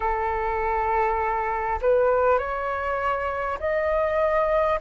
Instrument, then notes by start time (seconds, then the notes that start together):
flute
0.00 A4
1.81 B4
2.38 C#5
3.59 D#5